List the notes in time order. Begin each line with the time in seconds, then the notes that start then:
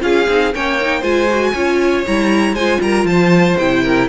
0.00 C#4 F4 G#4 F5
0.28 C4 D#4
0.54 A#3 C#4 C#5 G5
0.81 D#4
0.99 G#3 F4 C5 G#5
1.29 F#4
1.52 C#4 F4 C#5
2.06 G3 E4 A#5
2.53 G#3 F4 C5 G#5
2.81 G3 A#4 A#5
3.04 F3 C5 A5
3.58 C3 E4 G5
3.83 A#4